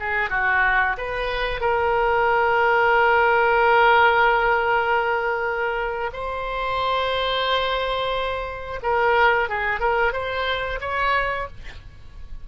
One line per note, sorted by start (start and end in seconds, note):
0.00 0.30 G#4
0.30 0.97 F#4
0.98 1.61 B4
1.61 6.11 A#4
6.13 8.80 C5
8.83 9.49 A#4
9.49 9.80 G#4
9.80 10.13 A#4
10.13 10.79 C5
10.81 11.48 C#5